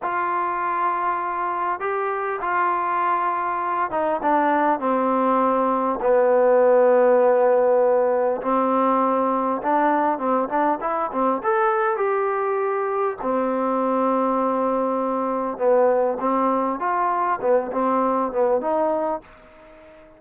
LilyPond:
\new Staff \with { instrumentName = "trombone" } { \time 4/4 \tempo 4 = 100 f'2. g'4 | f'2~ f'8 dis'8 d'4 | c'2 b2~ | b2 c'2 |
d'4 c'8 d'8 e'8 c'8 a'4 | g'2 c'2~ | c'2 b4 c'4 | f'4 b8 c'4 b8 dis'4 | }